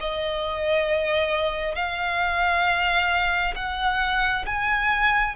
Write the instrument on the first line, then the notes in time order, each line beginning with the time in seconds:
violin
0.00 D#5
1.75 F5
3.55 F#5
4.46 G#5